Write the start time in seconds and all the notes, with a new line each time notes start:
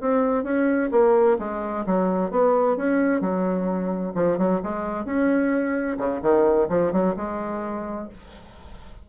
0.00 C4
0.43 C#4
0.91 A#3
1.39 G#3
1.86 F#3
2.31 B3
2.77 C#4
3.21 F#3
4.15 F3
4.38 F#3
4.63 G#3
5.05 C#4
5.98 C#3
6.22 D#3
6.69 F3
6.92 F#3
7.16 G#3